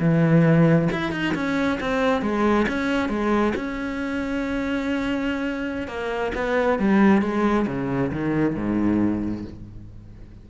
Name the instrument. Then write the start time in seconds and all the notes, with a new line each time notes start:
cello
0.00 E3
0.92 E4
1.12 D#4
1.35 C#4
1.81 C4
2.22 G#3
2.69 C#4
3.09 G#3
3.56 C#4
5.88 A#3
6.35 B3
6.80 G3
7.22 G#3
7.67 C#3
8.12 D#3
8.56 G#2